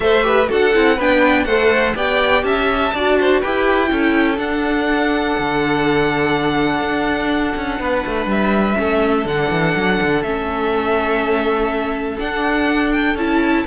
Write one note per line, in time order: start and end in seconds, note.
0.00 0.49 A3
0.00 0.22 A4
0.00 0.25 C5
0.00 0.48 E5
0.22 0.47 G4
0.22 0.49 B4
0.48 0.75 D4
0.48 0.72 F#4
0.48 0.96 A4
0.48 1.00 F#5
0.73 0.98 C4
0.73 0.98 E4
0.96 1.45 B3
0.96 1.47 D4
0.96 1.45 B4
0.96 1.44 G5
1.44 1.93 A3
1.44 1.95 A4
1.44 1.95 C5
1.44 1.93 F#5
1.95 2.43 B3
1.95 2.92 G4
1.95 2.44 D5
1.95 2.43 G5
2.43 2.92 C#4
2.43 2.94 E5
2.43 3.41 A5
2.93 3.42 D4
2.93 3.43 F#4
2.93 3.18 D5
3.20 3.40 C5
3.40 3.91 E4
3.40 3.87 G4
3.40 3.89 B4
3.40 4.38 G5
3.87 4.38 C#4
3.87 4.35 E4
3.87 7.81 A4
4.37 8.75 D4
4.37 5.35 D4
4.37 8.28 F#5
5.38 6.80 D3
6.80 7.53 D4
7.56 7.79 C#4
7.79 8.04 B3
7.79 8.78 B4
8.06 8.26 A3
8.26 8.74 G3
8.26 9.27 E5
8.75 9.25 A3
8.75 9.24 C#4
8.75 13.66 A4
9.25 9.49 D3
9.25 10.24 D4
9.25 10.23 F#5
9.50 9.75 E3
9.76 10.00 F#3
10.01 10.22 D3
10.22 12.17 A3
10.22 12.18 C#4
10.22 12.18 E5
12.18 13.16 D4
12.18 13.15 D4
12.18 12.92 F#5
12.92 13.16 G5
13.15 13.64 C#4
13.15 13.66 E4
13.15 13.66 A5